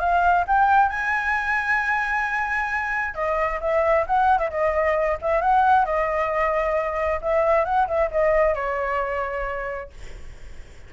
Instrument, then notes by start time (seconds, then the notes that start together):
flute
0.00 F5
0.48 G5
0.90 G#5
3.15 D#5
3.61 E5
4.07 F#5
4.39 E5
4.50 D#5
5.22 E5
5.41 F#5
5.85 D#5
7.22 E5
7.65 F#5
7.88 E5
8.11 D#5
8.55 C#5